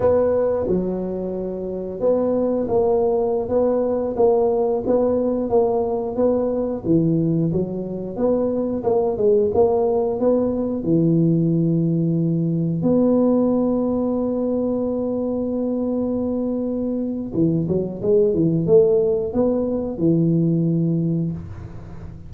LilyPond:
\new Staff \with { instrumentName = "tuba" } { \time 4/4 \tempo 4 = 90 b4 fis2 b4 | ais4~ ais16 b4 ais4 b8.~ | b16 ais4 b4 e4 fis8.~ | fis16 b4 ais8 gis8 ais4 b8.~ |
b16 e2. b8.~ | b1~ | b2 e8 fis8 gis8 e8 | a4 b4 e2 | }